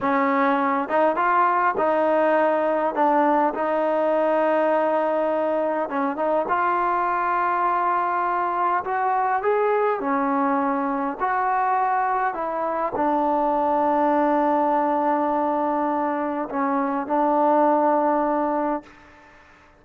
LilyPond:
\new Staff \with { instrumentName = "trombone" } { \time 4/4 \tempo 4 = 102 cis'4. dis'8 f'4 dis'4~ | dis'4 d'4 dis'2~ | dis'2 cis'8 dis'8 f'4~ | f'2. fis'4 |
gis'4 cis'2 fis'4~ | fis'4 e'4 d'2~ | d'1 | cis'4 d'2. | }